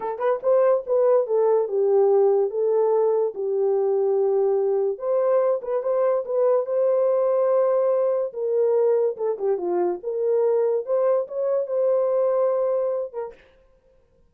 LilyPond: \new Staff \with { instrumentName = "horn" } { \time 4/4 \tempo 4 = 144 a'8 b'8 c''4 b'4 a'4 | g'2 a'2 | g'1 | c''4. b'8 c''4 b'4 |
c''1 | ais'2 a'8 g'8 f'4 | ais'2 c''4 cis''4 | c''2.~ c''8 ais'8 | }